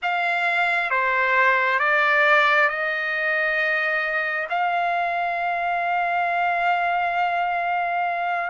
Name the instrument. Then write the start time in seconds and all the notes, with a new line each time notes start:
trumpet
0.02 F5
0.90 C5
1.79 D5
2.68 D#5
4.49 F5